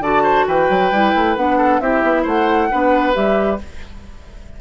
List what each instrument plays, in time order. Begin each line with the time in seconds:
0.00 bassoon D3, clarinet F#4, oboe D5, flute A5
0.23 oboe C5
0.48 bassoon E3, oboe B4, flute G5
0.70 bassoon F#3
0.92 bassoon G3, clarinet E4
1.15 bassoon A3
1.36 bassoon B3, clarinet D4, flute F#5
1.58 oboe A4
1.80 bassoon C4, clarinet E4, oboe G4, flute E5
2.03 bassoon B3
2.23 bassoon A3, oboe C5, flute F#5
2.71 bassoon B3, clarinet D4, oboe B4
3.14 bassoon G3, clarinet G4, flute E5